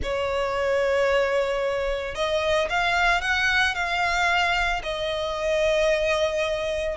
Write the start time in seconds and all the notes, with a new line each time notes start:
0.02 C#5
2.15 D#5
2.69 F5
3.21 F#5
3.74 F5
4.83 D#5